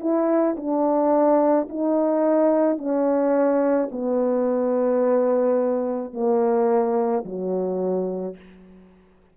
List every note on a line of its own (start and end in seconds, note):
0.00 0.56 E4
0.57 1.68 D4
1.69 2.78 D#4
2.78 3.89 C#4
3.91 6.13 B3
6.13 7.24 A#3
7.25 8.36 F#3